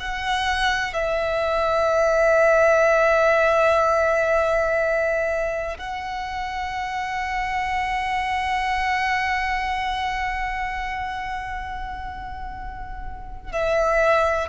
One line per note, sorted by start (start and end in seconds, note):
0.00 0.94 F#5
0.94 5.78 E5
5.78 13.53 F#5
13.53 14.49 E5